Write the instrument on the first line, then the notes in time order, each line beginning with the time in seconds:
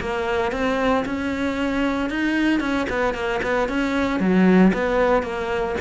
cello
0.00 A#3
0.52 C4
1.05 C#4
2.10 D#4
2.60 C#4
2.89 B3
3.14 A#3
3.43 B3
3.68 C#4
4.20 F#3
4.73 B3
5.23 A#3